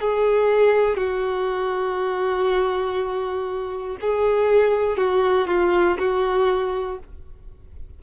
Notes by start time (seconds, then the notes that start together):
0.00 G#4
0.97 F#4
4.01 G#4
4.97 F#4
5.47 F4
5.99 F#4